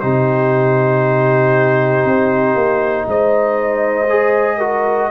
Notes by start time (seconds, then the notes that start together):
0.00 C3 D#4 G4 C5
2.04 C4
2.55 A#3
3.07 G#3 C5 D#5
4.10 G#4
4.57 F#4 A#4